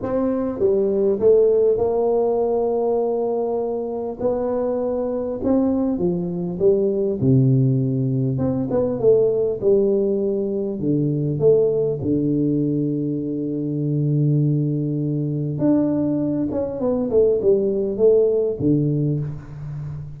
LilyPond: \new Staff \with { instrumentName = "tuba" } { \time 4/4 \tempo 4 = 100 c'4 g4 a4 ais4~ | ais2. b4~ | b4 c'4 f4 g4 | c2 c'8 b8 a4 |
g2 d4 a4 | d1~ | d2 d'4. cis'8 | b8 a8 g4 a4 d4 | }